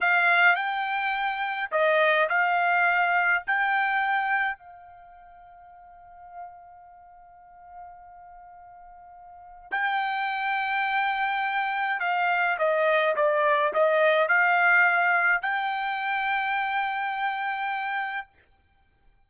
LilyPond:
\new Staff \with { instrumentName = "trumpet" } { \time 4/4 \tempo 4 = 105 f''4 g''2 dis''4 | f''2 g''2 | f''1~ | f''1~ |
f''4 g''2.~ | g''4 f''4 dis''4 d''4 | dis''4 f''2 g''4~ | g''1 | }